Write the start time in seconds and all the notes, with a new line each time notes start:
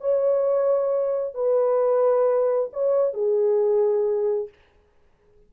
0.00 C#5
1.34 B4
2.73 C#5
3.13 G#4